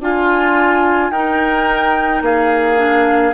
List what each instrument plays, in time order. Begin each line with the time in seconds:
0.00 bassoon D4, clarinet F4, oboe F4, flute G#5
1.11 bassoon D#4, clarinet D#4, oboe A#4, flute G5
2.22 bassoon A#3, oboe G#4, flute F5
2.78 clarinet D4